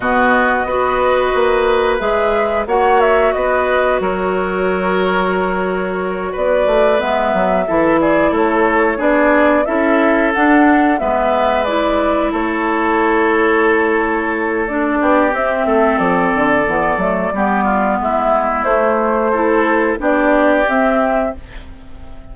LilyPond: <<
  \new Staff \with { instrumentName = "flute" } { \time 4/4 \tempo 4 = 90 dis''2. e''4 | fis''8 e''8 dis''4 cis''2~ | cis''4. d''4 e''4. | d''8 cis''4 d''4 e''4 fis''8~ |
fis''8 e''4 d''4 cis''4.~ | cis''2 d''4 e''4 | d''2. e''4 | c''2 d''4 e''4 | }
  \new Staff \with { instrumentName = "oboe" } { \time 4/4 fis'4 b'2. | cis''4 b'4 ais'2~ | ais'4. b'2 a'8 | gis'8 a'4 gis'4 a'4.~ |
a'8 b'2 a'4.~ | a'2~ a'8 g'4 a'8~ | a'2 g'8 f'8 e'4~ | e'4 a'4 g'2 | }
  \new Staff \with { instrumentName = "clarinet" } { \time 4/4 b4 fis'2 gis'4 | fis'1~ | fis'2~ fis'8 b4 e'8~ | e'4. d'4 e'4 d'8~ |
d'8 b4 e'2~ e'8~ | e'2 d'4 c'4~ | c'4 b8 a8 b2 | a4 e'4 d'4 c'4 | }
  \new Staff \with { instrumentName = "bassoon" } { \time 4/4 b,4 b4 ais4 gis4 | ais4 b4 fis2~ | fis4. b8 a8 gis8 fis8 e8~ | e8 a4 b4 cis'4 d'8~ |
d'8 gis2 a4.~ | a2~ a8 b8 c'8 a8 | f8 d8 e8 fis8 g4 gis4 | a2 b4 c'4 | }
>>